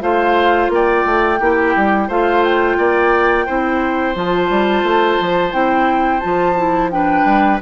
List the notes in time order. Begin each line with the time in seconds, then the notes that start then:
0.00 A3 F4 C5 F5
0.69 A#3 D5 G5
1.05 A3
1.40 A#3 E4 G4
1.76 G3
2.08 A3 F4 C5 F5
2.43 G5
2.78 A#3 D5
3.46 C4 E4 C5
4.15 F3 F4 A5
4.50 G3
4.83 A3
5.20 F3
5.52 C4 E4 G5
6.20 F3 F4 A5
6.57 E4
6.91 D4 B4 G5
7.25 G3